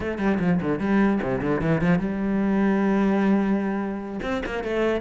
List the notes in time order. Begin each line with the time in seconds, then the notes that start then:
0.00 A3
0.18 G3
0.39 F3
0.61 D3
0.79 G3
1.22 C3
1.41 D3
1.61 E3
1.81 F3
1.98 G3
4.22 C4
4.45 A#3
4.63 A3